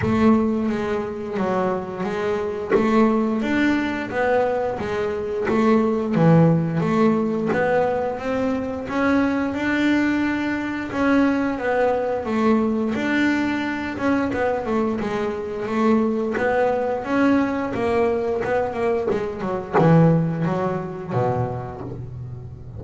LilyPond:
\new Staff \with { instrumentName = "double bass" } { \time 4/4 \tempo 4 = 88 a4 gis4 fis4 gis4 | a4 d'4 b4 gis4 | a4 e4 a4 b4 | c'4 cis'4 d'2 |
cis'4 b4 a4 d'4~ | d'8 cis'8 b8 a8 gis4 a4 | b4 cis'4 ais4 b8 ais8 | gis8 fis8 e4 fis4 b,4 | }